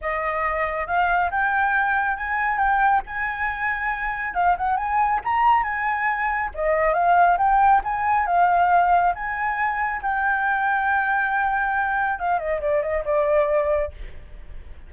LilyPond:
\new Staff \with { instrumentName = "flute" } { \time 4/4 \tempo 4 = 138 dis''2 f''4 g''4~ | g''4 gis''4 g''4 gis''4~ | gis''2 f''8 fis''8 gis''4 | ais''4 gis''2 dis''4 |
f''4 g''4 gis''4 f''4~ | f''4 gis''2 g''4~ | g''1 | f''8 dis''8 d''8 dis''8 d''2 | }